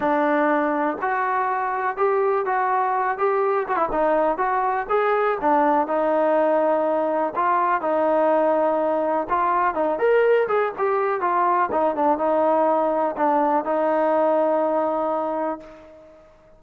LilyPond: \new Staff \with { instrumentName = "trombone" } { \time 4/4 \tempo 4 = 123 d'2 fis'2 | g'4 fis'4. g'4 fis'16 e'16 | dis'4 fis'4 gis'4 d'4 | dis'2. f'4 |
dis'2. f'4 | dis'8 ais'4 gis'8 g'4 f'4 | dis'8 d'8 dis'2 d'4 | dis'1 | }